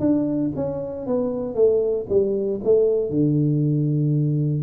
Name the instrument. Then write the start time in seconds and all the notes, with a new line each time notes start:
tuba
0.00 D4
0.56 C#4
1.07 B3
1.55 A3
2.09 G3
2.64 A3
3.10 D3